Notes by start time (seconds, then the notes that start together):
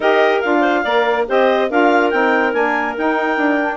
0.00 D#4 G4 A#4 D#5
0.40 D4 F4 F5
0.60 C5
0.83 A#3 A#4 D5
1.26 C4 G4 C5 D#5
1.69 D4 F4 A#4 F5
2.10 C4 D#4 G5
2.52 A#3 D4 G#5
2.96 D#4 G5
3.37 D4
3.60 D4